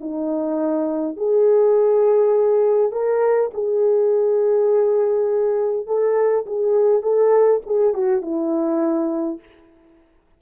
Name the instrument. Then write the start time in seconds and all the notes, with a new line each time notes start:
horn
0.00 D#4
1.16 G#4
2.91 A#4
3.53 G#4
5.86 A4
6.46 G#4
7.02 A4
7.66 G#4
7.93 F#4
8.21 E4